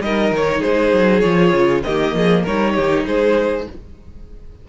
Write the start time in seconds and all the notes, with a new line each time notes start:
0.00 G3 D#4 A#4 D#5
0.31 D#3 C#5
0.59 G#3 G#4 C5
0.92 F#3
1.20 F3 F4 C#5
1.52 C#3
1.83 D#3 A#3 G4 D#5
2.14 F3 G#4
2.42 G3 D#4 A#4 C#5
2.74 D#3 G4
3.05 G#3 G#4 C5